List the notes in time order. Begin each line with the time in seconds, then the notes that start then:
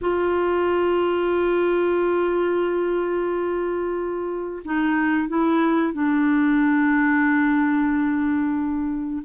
0.01 F4
4.65 D#4
5.28 E4
5.93 D4